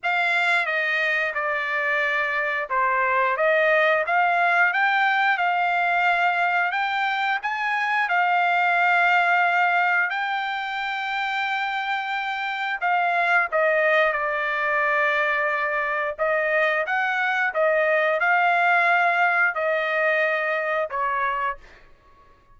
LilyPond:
\new Staff \with { instrumentName = "trumpet" } { \time 4/4 \tempo 4 = 89 f''4 dis''4 d''2 | c''4 dis''4 f''4 g''4 | f''2 g''4 gis''4 | f''2. g''4~ |
g''2. f''4 | dis''4 d''2. | dis''4 fis''4 dis''4 f''4~ | f''4 dis''2 cis''4 | }